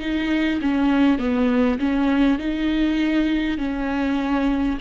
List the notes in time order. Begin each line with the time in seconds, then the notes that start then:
0.00 D#4
0.62 C#4
1.19 B3
1.79 C#4
2.38 D#4
3.58 C#4